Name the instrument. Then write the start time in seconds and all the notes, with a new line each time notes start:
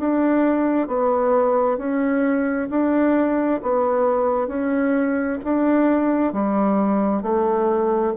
bassoon
0.00 D4
0.88 B3
1.78 C#4
2.70 D4
3.63 B3
4.48 C#4
5.45 D4
6.33 G3
7.23 A3